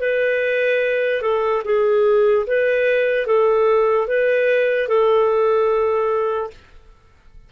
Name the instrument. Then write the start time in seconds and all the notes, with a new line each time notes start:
clarinet
0.00 B4
1.22 A4
1.65 G#4
2.47 B4
3.27 A4
4.08 B4
4.88 A4